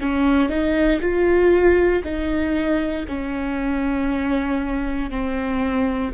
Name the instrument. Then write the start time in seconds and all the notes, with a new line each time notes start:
viola
0.00 C#4
0.49 D#4
1.01 F4
2.04 D#4
3.08 C#4
5.10 C4